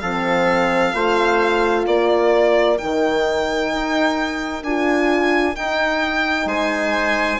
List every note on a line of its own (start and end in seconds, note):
0.00 0.94 F3
0.00 0.94 C4
0.00 0.94 A4
0.00 1.85 F5
0.94 1.86 A3
0.94 2.78 F4
0.94 1.86 C5
1.86 2.79 A#3
1.86 6.47 A#4
1.86 2.78 D5
2.78 3.73 D#3
2.78 4.63 D#4
2.78 4.63 G5
3.73 4.63 D#4
4.63 5.55 D4
4.63 5.55 F4
4.63 5.56 G#5
5.55 7.39 D#4
5.55 6.45 D#4
5.55 6.48 G5
6.45 7.38 G#3
6.45 7.40 C5
6.45 7.40 G#5